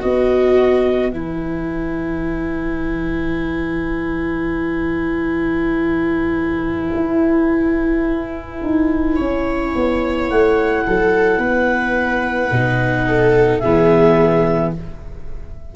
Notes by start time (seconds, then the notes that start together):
0.00 B3 F#4 B4 D#5
1.11 E3 E4 G#5
6.95 E4
8.63 D#4
9.16 C#4 C#5
9.75 B3
10.30 A3 F#5
10.87 F#3 A4
11.38 B3 B4
12.51 B2 D#4
13.07 A4
13.59 E3 B3 G#4 E5